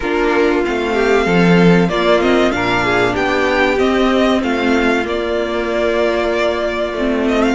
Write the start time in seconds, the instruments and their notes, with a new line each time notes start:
0.00 cello A#3, viola D4, violin F4 A#4
0.65 cello A3, viola C4, violin F5
0.93 violin G4
1.25 cello F3, violin A4
1.89 cello A#3, viola A#3, violin F4 D5
2.21 viola C4, violin D#5
2.50 cello A#2, viola D4, violin A#4 F5
2.84 violin G#4
3.13 cello B3, violin G4 G5
3.77 viola C4, cello C4, violin D#5
4.42 cello A3, violin F4 F5
5.04 viola A#3, cello A#3, violin D5
6.93 cello A3, viola C4
7.27 violin D#5
7.42 violin F5